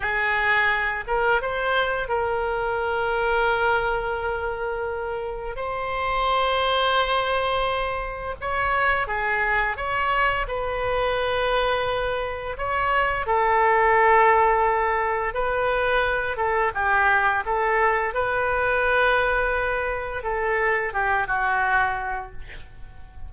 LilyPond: \new Staff \with { instrumentName = "oboe" } { \time 4/4 \tempo 4 = 86 gis'4. ais'8 c''4 ais'4~ | ais'1 | c''1 | cis''4 gis'4 cis''4 b'4~ |
b'2 cis''4 a'4~ | a'2 b'4. a'8 | g'4 a'4 b'2~ | b'4 a'4 g'8 fis'4. | }